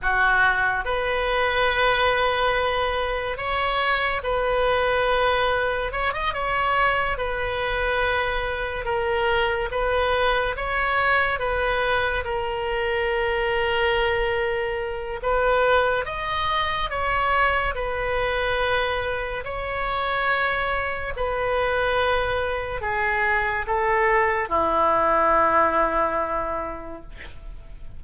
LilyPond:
\new Staff \with { instrumentName = "oboe" } { \time 4/4 \tempo 4 = 71 fis'4 b'2. | cis''4 b'2 cis''16 dis''16 cis''8~ | cis''8 b'2 ais'4 b'8~ | b'8 cis''4 b'4 ais'4.~ |
ais'2 b'4 dis''4 | cis''4 b'2 cis''4~ | cis''4 b'2 gis'4 | a'4 e'2. | }